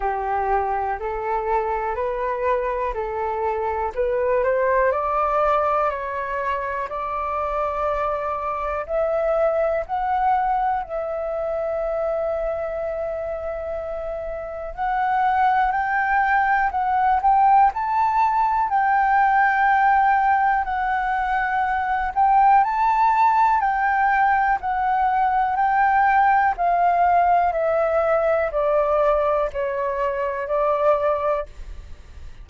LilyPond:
\new Staff \with { instrumentName = "flute" } { \time 4/4 \tempo 4 = 61 g'4 a'4 b'4 a'4 | b'8 c''8 d''4 cis''4 d''4~ | d''4 e''4 fis''4 e''4~ | e''2. fis''4 |
g''4 fis''8 g''8 a''4 g''4~ | g''4 fis''4. g''8 a''4 | g''4 fis''4 g''4 f''4 | e''4 d''4 cis''4 d''4 | }